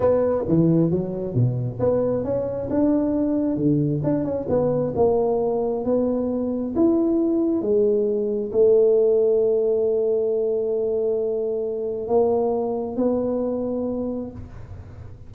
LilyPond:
\new Staff \with { instrumentName = "tuba" } { \time 4/4 \tempo 4 = 134 b4 e4 fis4 b,4 | b4 cis'4 d'2 | d4 d'8 cis'8 b4 ais4~ | ais4 b2 e'4~ |
e'4 gis2 a4~ | a1~ | a2. ais4~ | ais4 b2. | }